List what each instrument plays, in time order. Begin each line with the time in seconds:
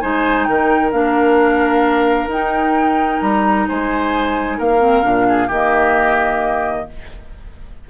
0.00 bassoon G#3, clarinet D#4, oboe C5, flute G#5
0.44 bassoon D#3, oboe A#4, flute G5
0.91 bassoon A#3, clarinet D4, flute F5
2.27 bassoon D#4, clarinet D#4, flute G5
3.21 bassoon G3, flute A#5
3.67 bassoon G#3, oboe C5, flute G#5
4.57 bassoon A#3, oboe A#4, flute F5
4.79 clarinet C4
5.02 bassoon A#2, clarinet D4
5.28 oboe G#4
5.47 bassoon D#3, clarinet A#3, oboe G4, flute D#5